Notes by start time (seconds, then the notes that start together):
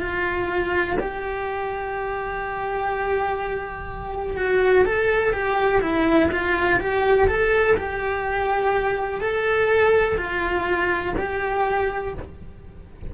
0.00 F4
0.99 G4
4.37 F#4
4.85 A4
5.33 G4
5.81 E4
6.31 F4
6.79 G4
7.28 A4
7.77 G4
9.21 A4
10.17 F4
11.17 G4